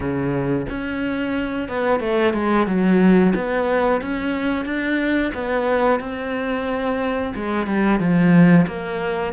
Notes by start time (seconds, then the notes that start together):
0.00 C#3
0.68 C#4
1.68 B3
2.00 A3
2.33 G#3
2.66 F#3
3.35 B3
4.01 C#4
4.65 D4
5.34 B3
6.00 C4
7.35 G#3
7.66 G3
7.99 F3
8.67 A#3